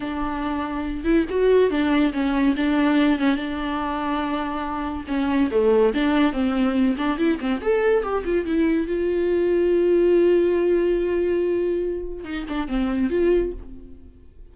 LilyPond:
\new Staff \with { instrumentName = "viola" } { \time 4/4 \tempo 4 = 142 d'2~ d'8 e'8 fis'4 | d'4 cis'4 d'4. cis'8 | d'1 | cis'4 a4 d'4 c'4~ |
c'8 d'8 e'8 c'8 a'4 g'8 f'8 | e'4 f'2.~ | f'1~ | f'4 dis'8 d'8 c'4 f'4 | }